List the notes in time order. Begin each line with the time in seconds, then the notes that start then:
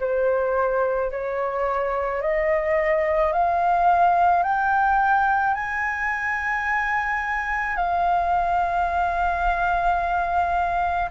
0.00 C5
1.11 C#5
2.21 D#5
3.33 F5
4.43 G5
5.55 G#5
7.76 F5